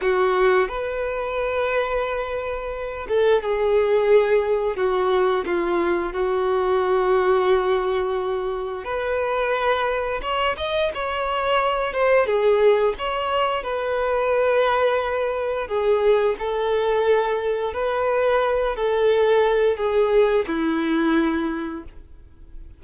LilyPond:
\new Staff \with { instrumentName = "violin" } { \time 4/4 \tempo 4 = 88 fis'4 b'2.~ | b'8 a'8 gis'2 fis'4 | f'4 fis'2.~ | fis'4 b'2 cis''8 dis''8 |
cis''4. c''8 gis'4 cis''4 | b'2. gis'4 | a'2 b'4. a'8~ | a'4 gis'4 e'2 | }